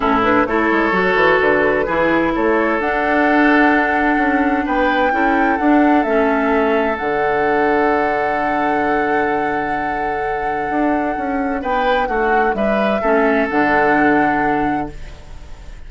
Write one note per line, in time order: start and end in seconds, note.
0.00 0.46 A2
0.00 0.22 C#4
0.00 0.46 E4
0.00 0.22 A4
0.23 0.46 D4
0.23 0.46 B4
0.46 0.69 A3
0.46 0.92 E4
0.46 1.85 A4
0.46 1.39 C#5
0.71 0.91 G#3
0.91 1.15 F#3
0.91 1.85 F#4
1.15 1.38 E3
1.40 1.87 D3
1.40 2.34 B4
1.85 2.34 E3
1.85 2.81 E4
1.85 2.32 G#4
2.34 2.79 A3
2.34 4.65 A4
2.34 2.80 C#5
2.79 4.17 D4
2.79 5.12 D4
2.79 4.66 F#5
4.17 4.63 C#4
4.65 5.11 B3
4.65 5.12 B4
4.65 5.57 G5
5.11 5.58 C#4
5.11 5.58 E4
5.11 11.61 A4
5.57 6.05 D4
5.57 6.03 F#5
6.03 6.98 A3
6.03 6.94 C#4
6.03 6.96 E5
6.94 12.99 D4
6.94 11.62 F#5
7.00 10.69 D3
10.69 11.16 D4
11.17 11.62 C#4
11.61 12.08 B3
11.61 12.08 B4
11.61 12.06 G5
12.06 12.54 A3
12.06 12.55 F#4
12.06 12.53 F#5
12.54 13.00 G3
12.54 13.01 B4
12.54 13.47 E5
13.01 13.48 A3
13.01 13.50 C#4
13.01 14.87 A4
13.49 14.90 D3
13.49 14.89 D4
13.49 14.89 F#5